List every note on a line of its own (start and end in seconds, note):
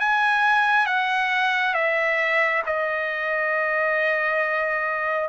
0.00 0.86 G#5
0.86 1.74 F#5
1.74 2.63 E5
2.66 5.29 D#5